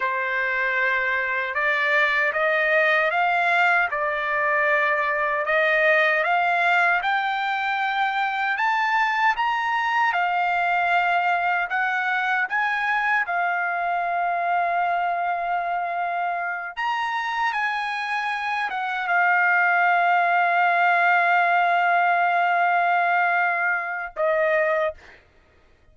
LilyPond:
\new Staff \with { instrumentName = "trumpet" } { \time 4/4 \tempo 4 = 77 c''2 d''4 dis''4 | f''4 d''2 dis''4 | f''4 g''2 a''4 | ais''4 f''2 fis''4 |
gis''4 f''2.~ | f''4. ais''4 gis''4. | fis''8 f''2.~ f''8~ | f''2. dis''4 | }